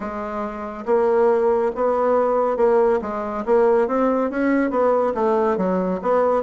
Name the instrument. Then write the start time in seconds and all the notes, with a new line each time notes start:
bassoon
0.00 G#3
0.85 A#3
1.75 B3
2.56 A#3
3.01 G#3
3.45 A#3
3.87 C4
4.30 C#4
4.70 B3
5.14 A3
5.57 F#3
6.02 B3